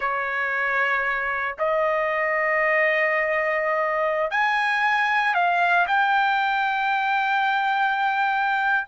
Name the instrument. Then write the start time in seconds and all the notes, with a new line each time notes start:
trumpet
0.00 C#5
1.58 D#5
4.30 G#5
5.34 F5
5.87 G5